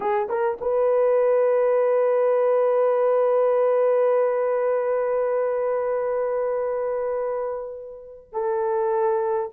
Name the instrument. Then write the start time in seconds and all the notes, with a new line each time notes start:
horn
0.00 G#4
0.28 A#4
0.60 B4
8.32 A4